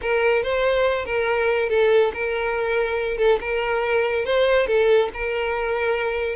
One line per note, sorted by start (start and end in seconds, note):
0.01 0.42 A#4
0.42 1.05 C5
1.05 1.69 A#4
1.69 2.12 A4
2.13 3.17 A#4
3.17 3.38 A4
3.40 4.25 A#4
4.25 4.66 C5
4.66 5.09 A4
5.13 6.35 A#4